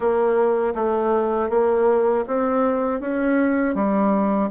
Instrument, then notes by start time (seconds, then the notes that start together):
bassoon
0.00 A#3
0.75 A3
1.49 A#3
2.27 C4
3.00 C#4
3.74 G3